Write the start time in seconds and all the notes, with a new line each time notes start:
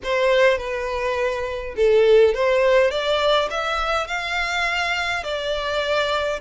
0.03 C5
0.58 B4
1.76 A4
2.34 C5
2.90 D5
3.50 E5
4.07 F5
5.23 D5